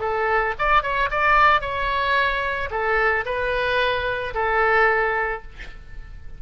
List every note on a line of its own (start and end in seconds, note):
0.00 0.54 A4
0.59 0.83 D5
0.83 1.10 C#5
1.11 1.61 D5
1.61 2.70 C#5
2.71 3.25 A4
3.26 4.34 B4
4.34 5.43 A4